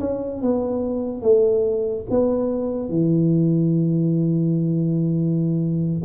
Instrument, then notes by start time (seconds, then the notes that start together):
tuba
0.00 C#4
0.41 B3
1.22 A3
2.10 B3
2.89 E3